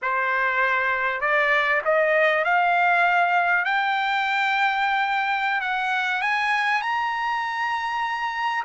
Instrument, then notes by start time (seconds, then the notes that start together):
trumpet
0.02 C5
1.20 D5
1.84 D#5
2.44 F5
3.64 G5
5.61 F#5
6.21 G#5
6.81 A#5